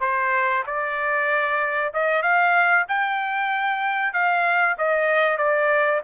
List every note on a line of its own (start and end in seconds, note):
0.00 0.63 C5
0.66 1.92 D5
1.93 2.22 D#5
2.22 2.85 F5
2.88 4.13 G5
4.13 4.76 F5
4.78 5.37 D#5
5.37 6.01 D5